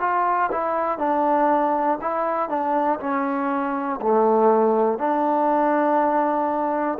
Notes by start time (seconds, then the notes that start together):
0.00 F4
0.52 E4
0.98 D4
2.01 E4
2.49 D4
3.00 C#4
4.01 A3
4.98 D4